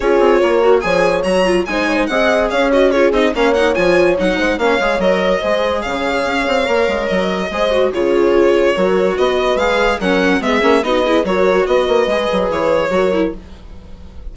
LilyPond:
<<
  \new Staff \with { instrumentName = "violin" } { \time 4/4 \tempo 4 = 144 cis''2 gis''4 ais''4 | gis''4 fis''4 f''8 dis''8 cis''8 dis''8 | f''8 fis''8 gis''4 fis''4 f''4 | dis''2 f''2~ |
f''4 dis''2 cis''4~ | cis''2 dis''4 f''4 | fis''4 e''4 dis''4 cis''4 | dis''2 cis''2 | }
  \new Staff \with { instrumentName = "horn" } { \time 4/4 gis'4 ais'4 cis''2 | c''8 cis''16 c''16 dis''4 cis''4 gis'4 | cis''2~ cis''8 c''8 cis''4~ | cis''4 c''4 cis''2~ |
cis''2 c''4 gis'4~ | gis'4 ais'4 b'2 | ais'4 gis'4 fis'8 gis'8 ais'4 | b'2. ais'4 | }
  \new Staff \with { instrumentName = "viola" } { \time 4/4 f'4. fis'8 gis'4 fis'8 f'8 | dis'4 gis'4. fis'8 f'8 dis'8 | cis'8 dis'8 f'4 dis'4 cis'8 gis'8 | ais'4 gis'2. |
ais'2 gis'8 fis'8 f'4~ | f'4 fis'2 gis'4 | cis'4 b8 cis'8 dis'8 e'8 fis'4~ | fis'4 gis'2 fis'8 e'8 | }
  \new Staff \with { instrumentName = "bassoon" } { \time 4/4 cis'8 c'8 ais4 f4 fis4 | gis4 c'4 cis'4. c'8 | ais4 f4 fis8 gis8 ais8 gis8 | fis4 gis4 cis4 cis'8 c'8 |
ais8 gis8 fis4 gis4 cis4~ | cis4 fis4 b4 gis4 | fis4 gis8 ais8 b4 fis4 | b8 ais8 gis8 fis8 e4 fis4 | }
>>